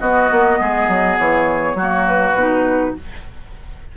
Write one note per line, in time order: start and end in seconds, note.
0.00 0.30 B3
0.00 1.78 B3
0.00 0.59 F#4
0.00 1.18 D#5
0.31 0.60 A#3
0.60 0.88 G#3
0.60 1.77 G#4
0.88 1.17 F#3
1.19 1.74 E3
1.19 2.07 C#5
1.74 2.33 F#3
1.74 2.38 A#3
1.74 2.95 F#4
2.08 2.96 B4
2.34 2.93 B2
2.34 2.96 D#4